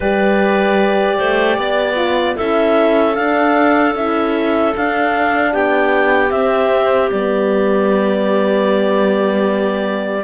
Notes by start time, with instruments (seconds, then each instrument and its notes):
0.00 cello G3, horn G4, clarinet B4 D5
1.17 cello A3, clarinet C5
1.57 cello B3, clarinet D5
1.95 horn F4
2.35 cello C#4, horn E4, clarinet A4 E5
3.15 horn D4, cello D4, clarinet F5
3.94 cello C#4, horn E4, clarinet E5
4.76 horn D4, cello D4, clarinet F5
5.52 cello B3, clarinet G4 G5
6.30 cello C4, horn C4, clarinet E5
7.09 cello G3, horn B3, clarinet D5